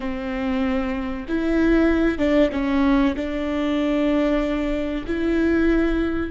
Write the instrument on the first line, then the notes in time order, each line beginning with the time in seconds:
viola
0.00 C4
1.28 E4
2.18 D4
2.51 C#4
3.16 D4
5.06 E4